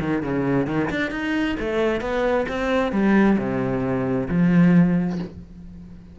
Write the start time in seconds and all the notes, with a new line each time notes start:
0.00 D#3
0.22 C#3
0.67 D#3
0.91 D4
1.11 D#4
1.60 A3
2.01 B3
2.48 C4
2.92 G3
3.38 C3
4.29 F3